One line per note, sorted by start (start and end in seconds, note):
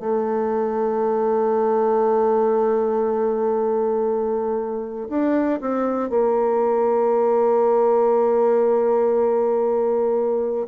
0.00 5.08 A3
5.09 5.60 D4
5.62 6.10 C4
6.10 10.68 A#3